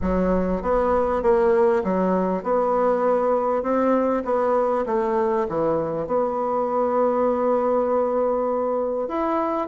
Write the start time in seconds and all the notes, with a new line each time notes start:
0.01 F#3
0.62 B3
1.22 A#3
1.84 F#3
2.43 B3
3.62 C4
4.24 B3
4.86 A3
5.48 E3
6.06 B3
9.07 E4